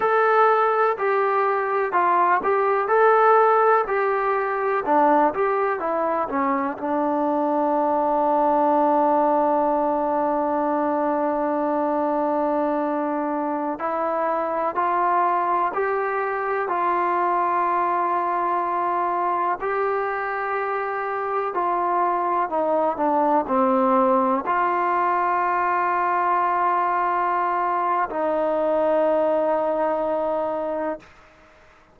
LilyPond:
\new Staff \with { instrumentName = "trombone" } { \time 4/4 \tempo 4 = 62 a'4 g'4 f'8 g'8 a'4 | g'4 d'8 g'8 e'8 cis'8 d'4~ | d'1~ | d'2~ d'16 e'4 f'8.~ |
f'16 g'4 f'2~ f'8.~ | f'16 g'2 f'4 dis'8 d'16~ | d'16 c'4 f'2~ f'8.~ | f'4 dis'2. | }